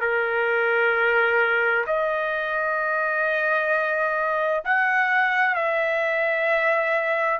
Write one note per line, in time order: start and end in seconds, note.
0.00 1.85 A#4
1.86 4.63 D#5
4.64 5.55 F#5
5.55 7.39 E5